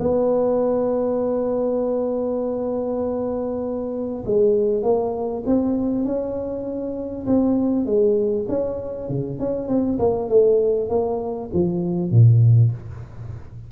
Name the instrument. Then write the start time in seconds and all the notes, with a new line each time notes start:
tuba
0.00 B3
4.26 G#3
4.83 A#3
5.47 C4
6.05 C#4
7.27 C4
7.86 G#3
8.49 C#4
9.09 C#3
9.39 C#4
9.68 C4
9.99 A#3
10.29 A3
10.90 A#3
11.53 F3
12.11 A#2